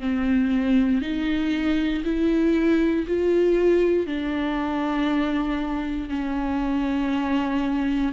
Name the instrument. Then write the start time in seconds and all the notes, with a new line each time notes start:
viola
0.00 C4
1.02 D#4
2.04 E4
3.07 F4
4.07 D4
6.09 C#4